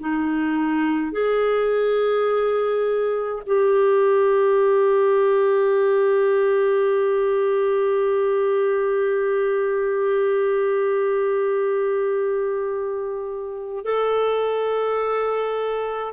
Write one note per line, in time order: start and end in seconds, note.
0.00 1.12 D#4
1.12 3.42 G#4
3.46 13.85 G4
13.85 16.13 A4